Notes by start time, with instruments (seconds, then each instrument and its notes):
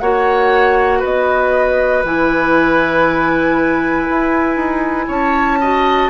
0.00 bassoon A#3, clarinet F#4, oboe C#5, flute F#5
0.99 bassoon B3, oboe B4, flute D#5
2.04 bassoon E3, clarinet E4, flute G#5
4.10 bassoon E4
4.56 bassoon D#4
5.08 bassoon C#4, oboe C#5, flute A5
5.61 clarinet F#4, oboe D#5